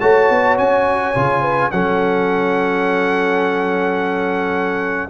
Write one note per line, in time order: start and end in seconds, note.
0.00 0.30 A3
0.00 1.14 F#4
0.00 1.42 C#5
0.00 0.57 A5
0.30 0.58 B3
0.58 1.15 C#4
0.58 1.71 G#5
1.15 1.72 C#3
1.15 1.71 F4
1.42 1.70 B4
1.71 5.09 F#3
1.71 5.09 C#4
1.71 5.09 A4
1.71 5.09 F#5